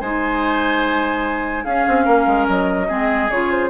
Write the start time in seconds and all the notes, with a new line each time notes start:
0.00 G#3 D#4 C5 G#5
1.64 C#4 G#4 F5
1.88 C4
2.04 A#3 A#4
2.26 G#3
2.48 F#3 D#5
2.88 G#3 C4 G#4
3.30 C#3 F4 C#5
3.50 C5